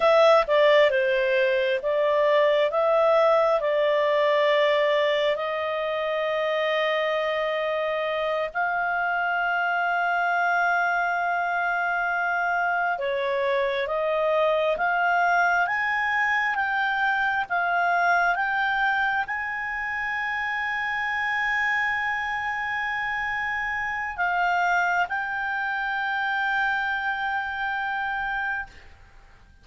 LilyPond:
\new Staff \with { instrumentName = "clarinet" } { \time 4/4 \tempo 4 = 67 e''8 d''8 c''4 d''4 e''4 | d''2 dis''2~ | dis''4. f''2~ f''8~ | f''2~ f''8 cis''4 dis''8~ |
dis''8 f''4 gis''4 g''4 f''8~ | f''8 g''4 gis''2~ gis''8~ | gis''2. f''4 | g''1 | }